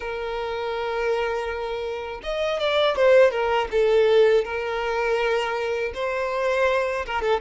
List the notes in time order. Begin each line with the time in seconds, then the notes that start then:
0.00 A#4
2.23 D#5
2.59 D5
2.96 C5
3.31 A#4
3.71 A4
4.44 A#4
5.94 C5
7.06 A#4
7.21 A4